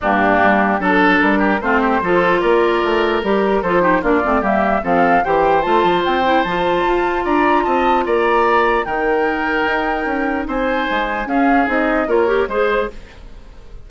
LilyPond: <<
  \new Staff \with { instrumentName = "flute" } { \time 4/4 \tempo 4 = 149 g'2 a'4 ais'4 | c''2 d''2 | ais'4 c''4 d''4 e''4 | f''4 g''4 a''4 g''4 |
a''2 ais''4 a''4 | ais''2 g''2~ | g''2 gis''2 | f''4 dis''4 cis''4 c''4 | }
  \new Staff \with { instrumentName = "oboe" } { \time 4/4 d'2 a'4. g'8 | f'8 g'8 a'4 ais'2~ | ais'4 a'8 g'8 f'4 g'4 | a'4 c''2.~ |
c''2 d''4 dis''4 | d''2 ais'2~ | ais'2 c''2 | gis'2 ais'4 c''4 | }
  \new Staff \with { instrumentName = "clarinet" } { \time 4/4 ais2 d'2 | c'4 f'2. | g'4 f'8 dis'8 d'8 c'8 ais4 | c'4 g'4 f'4. e'8 |
f'1~ | f'2 dis'2~ | dis'1 | cis'4 dis'4 f'8 g'8 gis'4 | }
  \new Staff \with { instrumentName = "bassoon" } { \time 4/4 g,4 g4 fis4 g4 | a4 f4 ais4 a4 | g4 f4 ais8 a8 g4 | f4 e4 a8 f8 c'4 |
f4 f'4 d'4 c'4 | ais2 dis2 | dis'4 cis'4 c'4 gis4 | cis'4 c'4 ais4 gis4 | }
>>